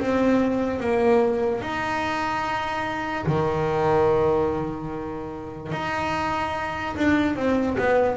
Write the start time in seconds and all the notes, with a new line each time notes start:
0.00 C4
0.80 A#3
1.62 D#4
3.27 D#3
5.73 D#4
6.97 D4
7.36 C4
7.79 B3